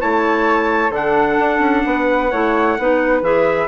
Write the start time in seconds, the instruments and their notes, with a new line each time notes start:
0.00 bassoon A3, clarinet E4, flute C#5, trumpet A5
0.91 bassoon D3, clarinet D4, flute A4, trumpet F#5
1.40 bassoon D4
1.59 bassoon C#4
1.85 bassoon B3, flute B4
2.32 bassoon A3, clarinet E4, flute C#5
2.79 bassoon B3, clarinet D#4, flute B4
3.22 bassoon E3, clarinet G#4, trumpet E5